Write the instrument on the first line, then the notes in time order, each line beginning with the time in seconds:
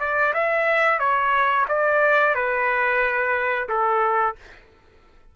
trumpet
0.00 D5
0.34 E5
0.99 C#5
1.68 D5
2.35 B4
3.69 A4